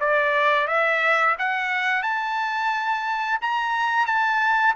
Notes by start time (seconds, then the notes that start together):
0.00 D5
0.67 E5
1.39 F#5
2.03 A5
3.41 A#5
4.06 A5